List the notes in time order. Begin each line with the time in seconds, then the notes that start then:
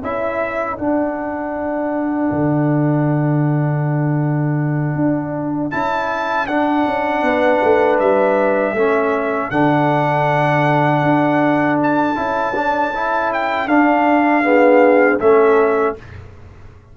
0.00 C#4 E4 A4 E5
0.77 D4 F#5
2.31 D3
4.95 D4
5.71 C#4 E4 A5
6.47 D4 F#5
6.86 C#4
7.22 B3 B4
7.63 A3
8.00 G3 E5
8.73 A3 C#4 A4
9.51 D3 D4 F#5
11.03 D4
11.83 A5
12.16 C#4 E4
12.55 D4
12.95 E4
13.33 G5
13.67 D4 F5
14.44 B3 G#4
15.20 A3 C#4 A4 E5